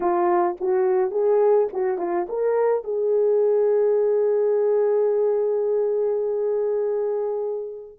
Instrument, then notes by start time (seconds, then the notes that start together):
horn
0.00 F4
0.60 F#4
1.11 G#4
1.72 F#4
1.98 F4
2.29 A#4
2.84 G#4